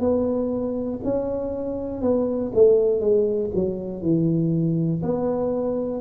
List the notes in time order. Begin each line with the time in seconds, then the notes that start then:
0.00 B3
1.04 C#4
2.02 B3
2.54 A3
3.00 G#3
3.55 F#3
4.02 E3
5.02 B3